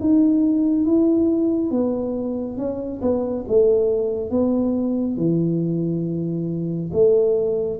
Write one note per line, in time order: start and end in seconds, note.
0.00 0.86 D#4
0.86 1.71 E4
1.71 2.57 B3
2.57 3.01 C#4
3.02 3.45 B3
3.48 4.31 A3
4.31 5.17 B3
5.17 6.91 E3
6.93 7.80 A3